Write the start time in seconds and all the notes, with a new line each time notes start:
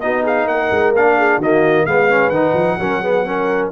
0.00 B3 D#4 F#4 D#5
0.23 G#4 F5
0.47 A#3 A#4 F#5
0.71 G#3
0.93 A#3 D4 F5
1.18 G#4
1.37 D#3 A#3 F#4 D#5
1.85 G#3 B3 B4 F5
2.09 C#4
2.29 D#3 D#4 F#5
2.53 F3
2.79 F#3 C#4 A#4
3.01 B3 G#4
3.25 C#4 A#4